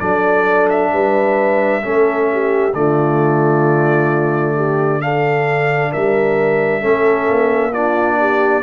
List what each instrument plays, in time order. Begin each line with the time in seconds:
0.00 tuba F#3, trombone D4, horn A4, trumpet D5
0.70 trumpet E5
0.92 tuba G3, horn B4
1.82 tuba A3, trombone C#4, horn A4
2.33 horn G4
2.74 tuba D3, trombone A3, horn F4, trumpet D5
4.56 horn G4
5.01 trombone D4, horn A4, trumpet F5
5.92 tuba G3, horn A#4, trumpet E5
6.81 tuba A3, trombone C#4, horn A4
7.29 tuba A#3
7.73 trombone D4, horn F4, trumpet D5
8.20 horn G4